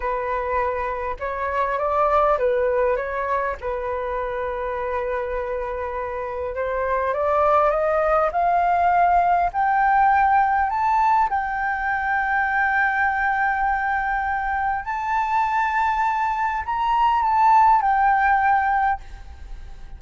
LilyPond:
\new Staff \with { instrumentName = "flute" } { \time 4/4 \tempo 4 = 101 b'2 cis''4 d''4 | b'4 cis''4 b'2~ | b'2. c''4 | d''4 dis''4 f''2 |
g''2 a''4 g''4~ | g''1~ | g''4 a''2. | ais''4 a''4 g''2 | }